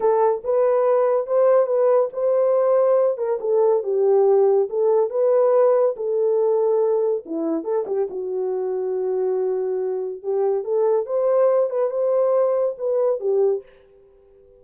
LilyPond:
\new Staff \with { instrumentName = "horn" } { \time 4/4 \tempo 4 = 141 a'4 b'2 c''4 | b'4 c''2~ c''8 ais'8 | a'4 g'2 a'4 | b'2 a'2~ |
a'4 e'4 a'8 g'8 fis'4~ | fis'1 | g'4 a'4 c''4. b'8 | c''2 b'4 g'4 | }